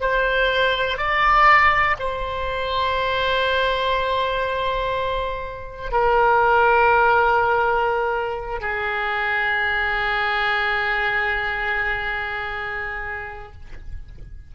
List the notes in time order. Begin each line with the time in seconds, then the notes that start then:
0.00 C5
0.97 D5
1.99 C5
5.92 A#4
8.61 G#4